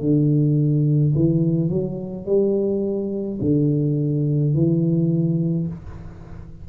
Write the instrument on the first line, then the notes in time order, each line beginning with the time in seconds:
tuba
0.00 D3
1.15 E3
1.69 F#3
2.26 G3
3.41 D3
4.54 E3